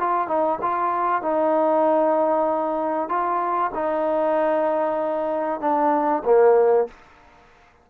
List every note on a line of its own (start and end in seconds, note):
0.00 0.28 F4
0.28 0.59 D#4
0.62 1.22 F4
1.22 3.09 D#4
3.09 3.71 F4
3.74 5.61 D#4
5.61 6.23 D4
6.25 6.88 A#3